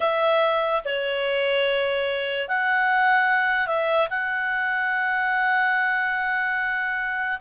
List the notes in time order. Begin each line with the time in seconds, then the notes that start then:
0.00 E5
0.84 C#5
2.48 F#5
3.67 E5
4.10 F#5